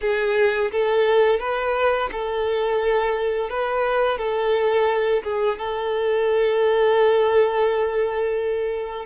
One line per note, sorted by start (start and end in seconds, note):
0.01 0.71 G#4
0.71 1.39 A4
1.39 2.09 B4
2.12 3.49 A4
3.49 4.18 B4
4.18 5.22 A4
5.23 5.58 G#4
5.58 9.05 A4